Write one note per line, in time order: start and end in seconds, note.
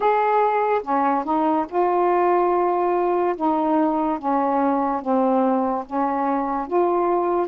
0.00 0.81 G#4
0.82 1.24 C#4
1.24 1.66 D#4
1.69 3.35 F4
3.35 4.19 D#4
4.19 5.01 C#4
5.01 5.84 C4
5.86 6.67 C#4
6.67 7.47 F4